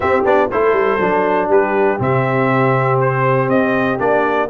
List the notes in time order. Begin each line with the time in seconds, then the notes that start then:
0.00 C4 G4 E5
0.24 B3 D4 D5
0.50 A3 E4 A4 C5
0.72 G3
0.99 F#3 D4
1.48 G3 G4 B4
1.98 C3 C4 E5
3.00 C5
3.48 C4 D#5
3.99 A#3 D4 D5